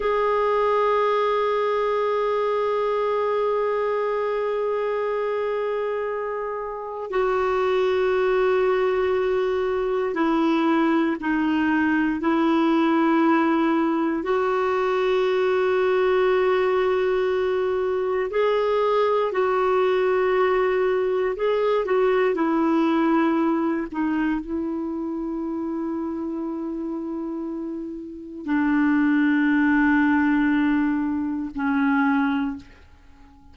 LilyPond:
\new Staff \with { instrumentName = "clarinet" } { \time 4/4 \tempo 4 = 59 gis'1~ | gis'2. fis'4~ | fis'2 e'4 dis'4 | e'2 fis'2~ |
fis'2 gis'4 fis'4~ | fis'4 gis'8 fis'8 e'4. dis'8 | e'1 | d'2. cis'4 | }